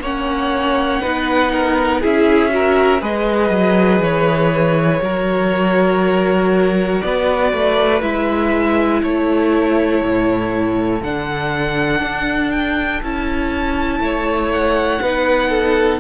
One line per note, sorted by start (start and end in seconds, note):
0.00 1.00 A#3
0.00 1.03 C#4
0.00 1.02 C#5
0.00 2.04 F#5
1.02 2.04 B3
1.02 2.02 D#4
1.02 1.52 B4
1.53 2.01 A#4
2.01 3.03 C#4
2.01 2.50 E4
2.01 2.51 G#4
2.01 3.04 E5
2.50 3.00 F#4
2.50 3.02 A#4
3.01 3.50 G#3
3.01 5.01 G#4
3.01 5.02 B4
3.01 4.04 D#5
3.50 4.00 F#3
4.00 5.00 E3
4.00 7.02 C#5
5.02 7.02 F#3
5.02 8.02 F#4
5.02 7.04 A#4
7.02 7.53 B3
7.02 9.03 B4
7.02 8.02 D5
7.53 8.03 A3
8.02 9.03 G#3
8.02 11.02 E4
8.02 9.03 E5
9.03 10.02 A3
9.03 14.03 A4
9.03 11.03 C#5
10.02 11.02 A2
11.03 12.02 D3
11.03 13.04 D4
11.03 12.51 F#5
12.02 13.02 D4
12.51 13.01 G5
13.03 14.00 C#4
13.03 15.04 E4
13.03 14.52 A5
14.00 15.00 A3
14.00 15.03 C#5
14.52 16.00 F#5
15.02 16.00 B3
15.02 16.00 D#4
15.02 15.50 B4
15.50 16.00 A4